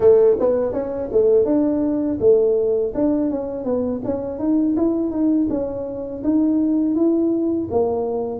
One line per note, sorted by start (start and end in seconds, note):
0.00 0.36 A3
0.39 0.72 B3
0.72 1.09 C#4
1.11 1.45 A3
1.45 2.18 D4
2.20 2.93 A3
2.94 3.30 D4
3.30 3.64 C#4
3.64 4.01 B3
4.04 4.39 C#4
4.39 4.75 D#4
4.76 5.11 E4
5.11 5.47 D#4
5.49 6.22 C#4
6.23 6.95 D#4
6.95 7.68 E4
7.71 8.40 A#3